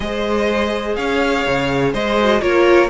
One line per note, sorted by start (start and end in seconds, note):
0.00 0.96 G#3
0.00 2.18 G#4
0.00 0.97 C5
0.00 0.95 D#5
0.95 1.45 C#4
0.95 1.92 C#5
0.95 1.92 F5
1.46 1.93 C#3
1.92 2.41 G#3
1.92 2.41 C5
1.92 2.41 D#5
2.19 2.40 F#4
2.40 2.89 A#3
2.40 2.89 F4
2.40 2.89 A#4
2.40 2.89 C#5